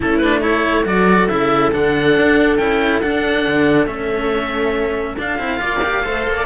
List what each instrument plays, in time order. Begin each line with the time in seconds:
0.00 cello A3 C#4, viola E4, oboe A4
0.17 cello D4, oboe B4
0.41 cello E4, viola A4, oboe C#5
0.85 cello F#3 F#4, oboe D5
1.28 cello C#3 E4, oboe E5
1.72 cello D3 D4, oboe F#5
2.16 cello D4
2.57 cello C#4 E4, oboe G5
3.01 cello D4, oboe F#5
3.47 cello D3
3.86 cello A3 C#4, oboe E5
5.17 cello D4, oboe F5
5.38 cello C4 E4
5.57 cello A#3 F4, viola D5
5.83 cello G4
6.03 cello A3 A4, viola C5
6.27 cello A#3
6.36 viola D5